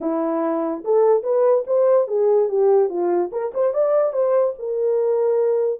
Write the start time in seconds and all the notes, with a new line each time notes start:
0.00 E4
0.84 A4
1.23 B4
1.66 C5
2.07 G#4
2.48 G4
2.89 F4
3.31 A#4
3.54 C5
3.73 D5
4.12 C5
4.59 A#4